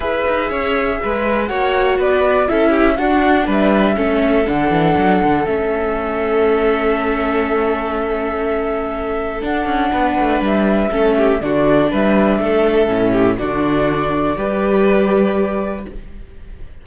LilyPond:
<<
  \new Staff \with { instrumentName = "flute" } { \time 4/4 \tempo 4 = 121 e''2. fis''4 | d''4 e''4 fis''4 e''4~ | e''4 fis''2 e''4~ | e''1~ |
e''2. fis''4~ | fis''4 e''2 d''4 | e''2. d''4~ | d''1 | }
  \new Staff \with { instrumentName = "violin" } { \time 4/4 b'4 cis''4 b'4 cis''4 | b'4 a'8 g'8 fis'4 b'4 | a'1~ | a'1~ |
a'1 | b'2 a'8 g'8 fis'4 | b'4 a'4. g'8 fis'4~ | fis'4 b'2. | }
  \new Staff \with { instrumentName = "viola" } { \time 4/4 gis'2. fis'4~ | fis'4 e'4 d'2 | cis'4 d'2 cis'4~ | cis'1~ |
cis'2. d'4~ | d'2 cis'4 d'4~ | d'2 cis'4 d'4~ | d'4 g'2. | }
  \new Staff \with { instrumentName = "cello" } { \time 4/4 e'8 dis'8 cis'4 gis4 ais4 | b4 cis'4 d'4 g4 | a4 d8 e8 fis8 d8 a4~ | a1~ |
a2. d'8 cis'8 | b8 a8 g4 a4 d4 | g4 a4 a,4 d4~ | d4 g2. | }
>>